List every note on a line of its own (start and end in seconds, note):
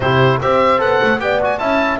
0.00 0.39 C3
0.00 0.41 E4
0.00 0.41 G4
0.00 0.39 C5
0.41 0.80 C4
0.41 0.78 G4
0.41 1.22 C5
0.41 0.81 E5
0.78 1.00 B3
0.78 1.18 A4
0.78 1.20 F#5
1.02 1.19 A3
1.19 1.59 B3
1.19 1.39 G4
1.19 1.60 D5
1.19 1.40 G5
1.42 1.60 F#4
1.42 1.58 G#5
1.58 1.99 C#4
1.58 1.99 E4
1.58 1.99 E5
1.58 1.98 A5